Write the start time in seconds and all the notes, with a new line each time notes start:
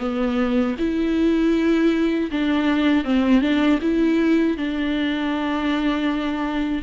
0.00 B3
0.79 E4
2.31 D4
3.05 C4
3.41 D4
3.82 E4
4.58 D4